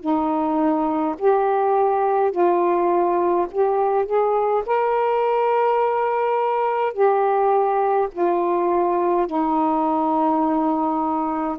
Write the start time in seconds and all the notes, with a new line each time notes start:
0.00 D#4
1.19 G4
2.31 F4
3.51 G4
4.05 G#4
4.66 A#4
6.93 G4
8.12 F4
9.27 D#4